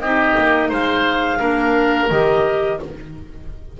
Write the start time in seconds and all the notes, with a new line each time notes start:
0.00 C4 D#4 G4 D#5
0.37 A#3
0.68 G#3 C5 F5
1.39 A#3 D4 A#4
2.09 D#3 G4 D#5